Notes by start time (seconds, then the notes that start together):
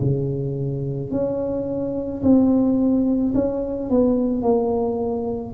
0.00 C#3
1.11 C#4
2.22 C4
3.34 C#4
3.89 B3
4.42 A#3